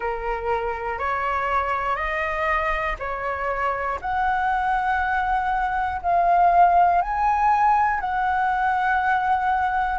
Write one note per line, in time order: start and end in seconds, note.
0.00 0.99 A#4
0.99 1.95 C#5
1.95 2.95 D#5
2.99 3.99 C#5
4.00 6.00 F#5
6.02 7.01 F5
7.01 8.00 G#5
8.00 9.99 F#5